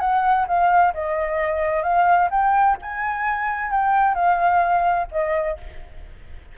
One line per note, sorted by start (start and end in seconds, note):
0.00 0.46 F#5
0.47 0.93 F5
0.94 1.83 D#5
1.83 2.29 F5
2.31 2.77 G5
2.82 3.71 G#5
3.71 4.15 G5
4.15 5.07 F5
5.11 5.57 D#5